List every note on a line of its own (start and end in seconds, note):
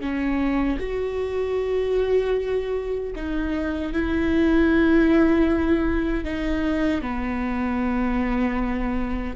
0.00 0.78 C#4
0.79 3.13 F#4
3.15 3.93 D#4
3.93 6.24 E4
6.24 7.01 D#4
7.01 9.35 B3